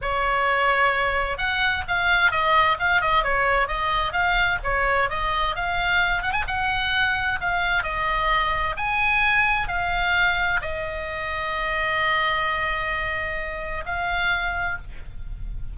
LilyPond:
\new Staff \with { instrumentName = "oboe" } { \time 4/4 \tempo 4 = 130 cis''2. fis''4 | f''4 dis''4 f''8 dis''8 cis''4 | dis''4 f''4 cis''4 dis''4 | f''4. fis''16 gis''16 fis''2 |
f''4 dis''2 gis''4~ | gis''4 f''2 dis''4~ | dis''1~ | dis''2 f''2 | }